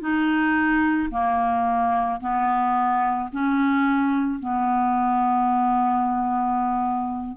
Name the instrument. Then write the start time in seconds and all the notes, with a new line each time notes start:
clarinet
0.00 D#4
1.11 A#3
2.20 B3
3.32 C#4
4.39 B3